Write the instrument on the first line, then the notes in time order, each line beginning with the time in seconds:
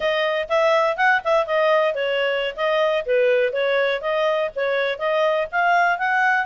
clarinet
0.00 D#5
0.48 E5
0.96 F#5
1.24 E5
1.46 D#5
1.94 C#5
2.56 D#5
3.05 B4
3.53 C#5
4.01 D#5
4.55 C#5
4.98 D#5
5.51 F5
5.98 F#5